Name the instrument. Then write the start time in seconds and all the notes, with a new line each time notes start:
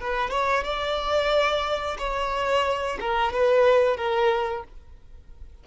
violin
0.00 B4
0.30 C#5
0.64 D5
1.98 C#5
3.00 A#4
3.33 B4
3.97 A#4